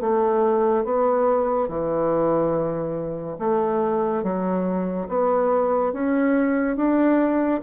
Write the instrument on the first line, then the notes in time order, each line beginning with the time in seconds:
bassoon
0.00 A3
0.84 B3
1.68 E3
3.38 A3
4.23 F#3
5.08 B3
5.92 C#4
6.76 D4